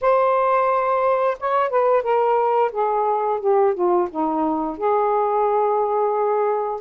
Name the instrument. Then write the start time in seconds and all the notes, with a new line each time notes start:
saxophone
0.01 C5
1.39 C#5
1.69 B4
2.03 A#4
2.72 G#4
3.40 G4
3.74 F4
4.10 D#4
4.77 G#4